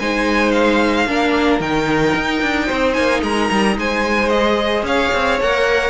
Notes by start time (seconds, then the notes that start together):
0.00 G#3 D#4 C5 G#5
0.52 F5
1.07 A#3 D4 A#4
1.60 D#3 D#4 G5
2.16 D#4
2.43 D4
2.66 C4 C5
2.94 A#3 G#5
3.23 G#3 A#4 A#5
3.51 G3
3.77 G#3 C5 G#5
4.30 G#4 D#5
4.83 C#4 C#5 F5
5.14 C4
5.41 A#3 A#4 F#5